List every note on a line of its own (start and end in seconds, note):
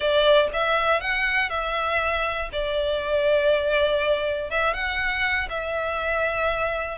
0.00 0.48 D5
0.53 1.00 E5
1.00 1.49 F#5
1.49 2.49 E5
2.52 4.50 D5
4.50 4.73 E5
4.73 5.48 F#5
5.49 6.97 E5